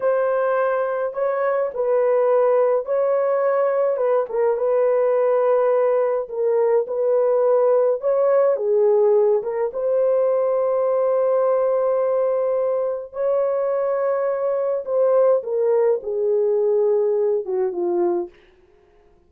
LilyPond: \new Staff \with { instrumentName = "horn" } { \time 4/4 \tempo 4 = 105 c''2 cis''4 b'4~ | b'4 cis''2 b'8 ais'8 | b'2. ais'4 | b'2 cis''4 gis'4~ |
gis'8 ais'8 c''2.~ | c''2. cis''4~ | cis''2 c''4 ais'4 | gis'2~ gis'8 fis'8 f'4 | }